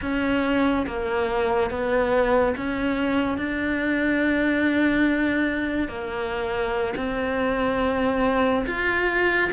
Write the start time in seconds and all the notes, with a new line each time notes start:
0.01 C#4
0.86 A#3
1.70 B3
2.57 C#4
3.37 D4
5.88 A#3
6.96 C4
8.66 F4